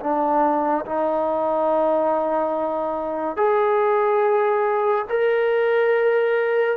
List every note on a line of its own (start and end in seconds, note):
0.00 0.85 D4
0.85 3.36 D#4
3.36 5.05 G#4
5.09 6.76 A#4